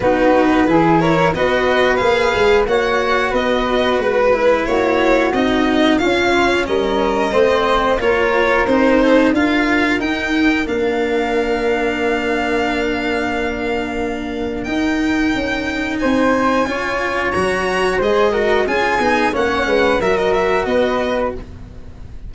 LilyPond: <<
  \new Staff \with { instrumentName = "violin" } { \time 4/4 \tempo 4 = 90 b'4. cis''8 dis''4 f''4 | fis''4 dis''4 b'4 cis''4 | dis''4 f''4 dis''2 | cis''4 c''4 f''4 g''4 |
f''1~ | f''2 g''2 | gis''2 ais''4 dis''4 | gis''4 fis''4 e''16 dis''16 e''8 dis''4 | }
  \new Staff \with { instrumentName = "flute" } { \time 4/4 fis'4 gis'8 ais'8 b'2 | cis''4 b'2 fis'4~ | fis'4 f'4 ais'4 c''4 | ais'4. a'8 ais'2~ |
ais'1~ | ais'1 | c''4 cis''2 c''8 ais'8 | gis'4 cis''8 b'8 ais'4 b'4 | }
  \new Staff \with { instrumentName = "cello" } { \time 4/4 dis'4 e'4 fis'4 gis'4 | fis'2~ fis'8 e'4. | dis'4 cis'2 c'4 | f'4 dis'4 f'4 dis'4 |
d'1~ | d'2 dis'2~ | dis'4 f'4 fis'4 gis'8 fis'8 | f'8 dis'8 cis'4 fis'2 | }
  \new Staff \with { instrumentName = "tuba" } { \time 4/4 b4 e4 b4 ais8 gis8 | ais4 b4 gis4 ais4 | c'4 cis'4 g4 a4 | ais4 c'4 d'4 dis'4 |
ais1~ | ais2 dis'4 cis'4 | c'4 cis'4 fis4 gis4 | cis'8 b8 ais8 gis8 fis4 b4 | }
>>